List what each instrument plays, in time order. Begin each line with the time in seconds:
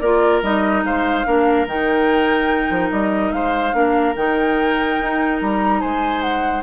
0.00 bassoon A#3, clarinet F4, oboe A#4, flute D5
0.43 bassoon G3, clarinet D#4, flute D#5
0.84 bassoon G#3, oboe C5, flute F5
1.26 bassoon A#3, clarinet D4, oboe A#4
1.67 bassoon D#3, clarinet D#4, flute G5
2.71 bassoon F3
2.91 bassoon G3, flute D#5
3.32 bassoon G#3, oboe C5, flute F5
3.74 bassoon A#3, clarinet D4, oboe A#4
4.16 bassoon D#3, clarinet D#4, flute G5
5.01 bassoon D#4
5.41 bassoon G3, flute A#5
5.81 bassoon G#3, oboe C5, flute G#5
6.22 flute F#5